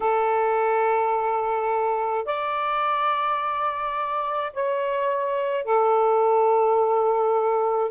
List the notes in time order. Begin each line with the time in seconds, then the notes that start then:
0.00 A4
2.25 D5
4.53 C#5
5.64 A4